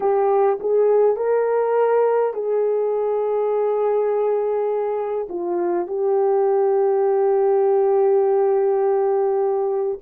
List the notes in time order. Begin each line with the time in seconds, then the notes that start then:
0.00 G4
0.59 G#4
1.16 A#4
2.33 G#4
5.29 F4
5.87 G4